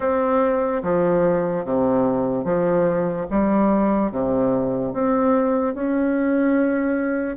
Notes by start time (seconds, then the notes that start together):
0.00 C4
0.82 F3
1.64 C3
2.44 F3
3.30 G3
4.11 C3
4.93 C4
5.74 C#4